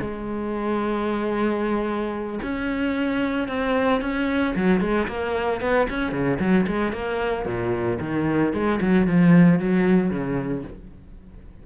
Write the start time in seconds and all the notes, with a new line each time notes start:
0.00 G#3
2.43 C#4
3.48 C4
4.01 C#4
4.56 F#3
4.81 G#3
5.08 A#3
5.61 B3
5.90 C#4
6.12 C#3
6.39 F#3
6.67 G#3
6.92 A#3
7.45 A#2
8.00 D#3
8.53 G#3
8.81 F#3
9.07 F3
9.59 F#3
10.10 C#3